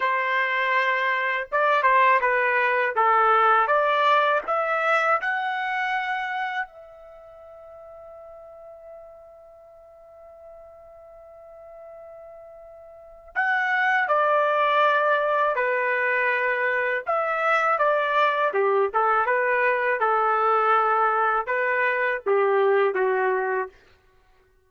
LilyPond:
\new Staff \with { instrumentName = "trumpet" } { \time 4/4 \tempo 4 = 81 c''2 d''8 c''8 b'4 | a'4 d''4 e''4 fis''4~ | fis''4 e''2.~ | e''1~ |
e''2 fis''4 d''4~ | d''4 b'2 e''4 | d''4 g'8 a'8 b'4 a'4~ | a'4 b'4 g'4 fis'4 | }